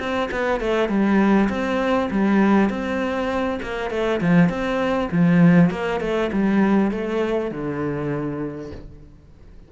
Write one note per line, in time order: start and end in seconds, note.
0.00 0.30 C4
0.32 0.61 B3
0.61 0.89 A3
0.89 1.49 G3
1.49 2.09 C4
2.11 2.70 G3
2.70 3.60 C4
3.63 3.91 A#3
3.91 4.21 A3
4.21 4.49 F3
4.49 5.09 C4
5.12 5.71 F3
5.71 6.01 A#3
6.01 6.31 A3
6.32 6.92 G3
6.92 7.52 A3
7.52 8.72 D3